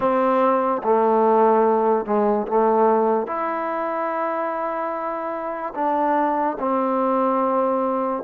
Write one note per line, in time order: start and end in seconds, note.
0.00 0.82 C4
0.83 2.05 A3
2.05 2.46 G#3
2.47 3.27 A3
3.27 5.73 E4
5.75 6.57 D4
6.59 8.23 C4